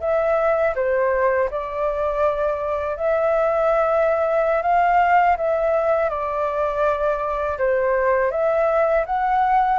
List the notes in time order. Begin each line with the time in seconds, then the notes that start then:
0.00 E5
0.75 C5
1.51 D5
2.96 E5
4.62 F5
5.37 E5
6.09 D5
7.58 C5
8.31 E5
9.06 F#5